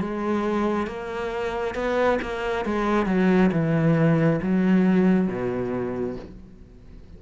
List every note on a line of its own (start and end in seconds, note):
0.00 0.87 G#3
0.87 1.74 A#3
1.74 2.19 B3
2.22 2.65 A#3
2.65 3.06 G#3
3.06 3.50 F#3
3.52 4.40 E3
4.42 5.27 F#3
5.27 6.16 B2